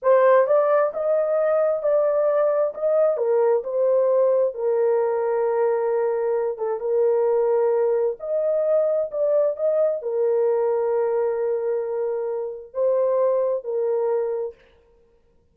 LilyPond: \new Staff \with { instrumentName = "horn" } { \time 4/4 \tempo 4 = 132 c''4 d''4 dis''2 | d''2 dis''4 ais'4 | c''2 ais'2~ | ais'2~ ais'8 a'8 ais'4~ |
ais'2 dis''2 | d''4 dis''4 ais'2~ | ais'1 | c''2 ais'2 | }